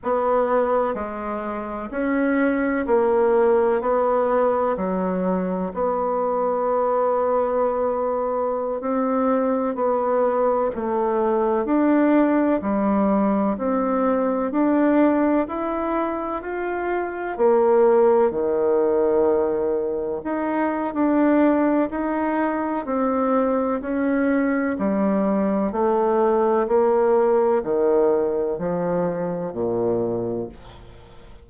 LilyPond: \new Staff \with { instrumentName = "bassoon" } { \time 4/4 \tempo 4 = 63 b4 gis4 cis'4 ais4 | b4 fis4 b2~ | b4~ b16 c'4 b4 a8.~ | a16 d'4 g4 c'4 d'8.~ |
d'16 e'4 f'4 ais4 dis8.~ | dis4~ dis16 dis'8. d'4 dis'4 | c'4 cis'4 g4 a4 | ais4 dis4 f4 ais,4 | }